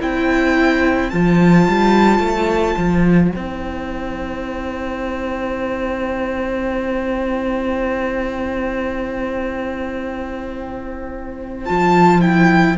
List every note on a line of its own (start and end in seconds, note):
0.00 1.13 C4
0.00 1.11 E4
0.00 12.78 C5
0.00 1.10 G5
1.10 1.68 F3
1.10 3.34 F4
1.10 3.31 A5
1.68 2.20 G3
2.20 2.75 A3
2.78 3.33 F3
3.31 11.69 C4
3.31 11.66 E4
3.31 11.65 G5
11.65 12.78 F3
11.65 12.22 F4
11.65 12.21 A5
12.21 12.77 E4
12.21 12.77 G5